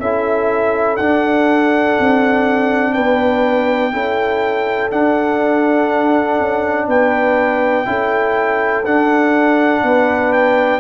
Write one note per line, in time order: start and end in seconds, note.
0.00 0.99 C#4
0.00 0.99 E4
0.00 2.94 A4
0.00 0.97 E5
0.97 1.98 D4
0.97 3.93 D4
0.97 2.93 F#5
1.99 2.97 C4
2.93 3.93 B3
2.93 3.92 B4
2.93 4.90 G5
3.93 4.91 C#4
3.93 4.91 E4
3.93 6.88 A4
4.91 7.85 D4
4.91 6.39 D4
4.91 6.88 F#5
6.40 6.87 C#4
6.87 7.86 B3
6.87 7.86 B4
6.87 8.85 G5
7.85 8.85 C#4
7.85 8.84 E4
7.85 9.83 A4
8.85 9.83 D4
8.85 10.80 D4
8.85 10.33 F#5
9.83 10.80 B3
9.83 10.80 B4
10.33 10.80 G5